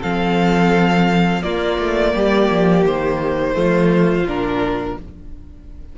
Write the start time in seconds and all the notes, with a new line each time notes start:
0.00 F3 C4 A4 F5
1.42 A#3 F4 D5
1.78 A3
2.14 G3 G4
2.50 F3
2.85 D#3 C5
3.52 F3 A3 F4
4.23 A#2 D4 A#4